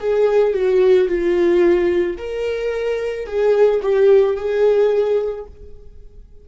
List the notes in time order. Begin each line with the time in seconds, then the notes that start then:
0.00 G#4
0.54 F#4
1.09 F4
2.18 A#4
3.27 G#4
3.82 G4
4.36 G#4